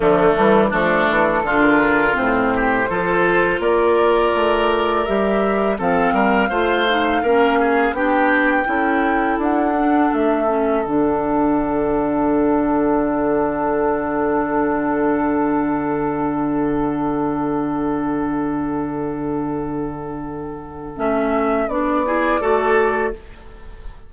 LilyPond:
<<
  \new Staff \with { instrumentName = "flute" } { \time 4/4 \tempo 4 = 83 d'4 a'4~ a'16 ais'8. c''4~ | c''4 d''2 e''4 | f''2. g''4~ | g''4 fis''4 e''4 fis''4~ |
fis''1~ | fis''1~ | fis''1~ | fis''4 e''4 d''2 | }
  \new Staff \with { instrumentName = "oboe" } { \time 4/4 a4 d'4 f'4. g'8 | a'4 ais'2. | a'8 ais'8 c''4 ais'8 gis'8 g'4 | a'1~ |
a'1~ | a'1~ | a'1~ | a'2~ a'8 gis'8 a'4 | }
  \new Staff \with { instrumentName = "clarinet" } { \time 4/4 f8 g8 a4 d'4 c'4 | f'2. g'4 | c'4 f'8 dis'8 cis'4 d'4 | e'4. d'4 cis'8 d'4~ |
d'1~ | d'1~ | d'1~ | d'4 cis'4 d'8 e'8 fis'4 | }
  \new Staff \with { instrumentName = "bassoon" } { \time 4/4 d8 e8 f8 e8 d4 a,4 | f4 ais4 a4 g4 | f8 g8 a4 ais4 b4 | cis'4 d'4 a4 d4~ |
d1~ | d1~ | d1~ | d4 a4 b4 a4 | }
>>